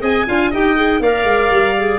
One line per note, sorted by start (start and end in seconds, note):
0.00 0.26 C4
0.00 0.25 G#4
0.00 0.26 D#5
0.00 0.52 G#5
0.27 0.53 D4
0.27 0.52 F4
0.27 0.51 F5
0.51 1.00 D#4
0.51 0.76 G4
0.51 1.00 D#5
0.51 1.03 G5
0.76 1.01 G#4
1.00 1.24 A#3
1.00 1.76 A#4
1.00 1.99 D5
1.00 1.99 F5
1.24 1.49 G#3
1.51 1.99 G3
1.78 1.99 G#4